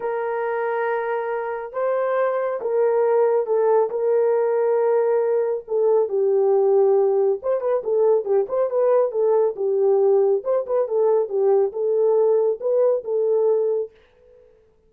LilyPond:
\new Staff \with { instrumentName = "horn" } { \time 4/4 \tempo 4 = 138 ais'1 | c''2 ais'2 | a'4 ais'2.~ | ais'4 a'4 g'2~ |
g'4 c''8 b'8 a'4 g'8 c''8 | b'4 a'4 g'2 | c''8 b'8 a'4 g'4 a'4~ | a'4 b'4 a'2 | }